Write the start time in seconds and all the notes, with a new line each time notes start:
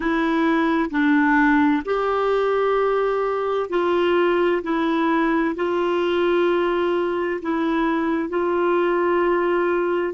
0.00 E4
0.90 D4
1.85 G4
3.69 F4
4.62 E4
5.56 F4
7.42 E4
8.29 F4